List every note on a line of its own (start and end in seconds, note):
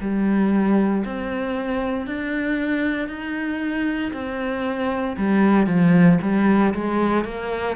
0.00 1.03 G3
1.05 2.06 C4
2.06 3.08 D4
3.08 4.11 D#4
4.13 5.16 C4
5.17 5.66 G3
5.66 6.18 F3
6.22 6.73 G3
6.74 7.24 G#3
7.24 7.76 A#3